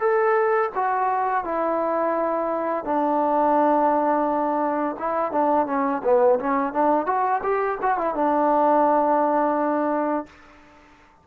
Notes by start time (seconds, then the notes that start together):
0.00 A4
0.75 F#4
1.45 E4
2.85 D4
5.00 E4
5.32 D4
5.67 C#4
6.04 B3
6.40 C#4
6.74 D4
7.07 F#4
7.43 G4
7.82 F#4
7.98 E4
8.15 D4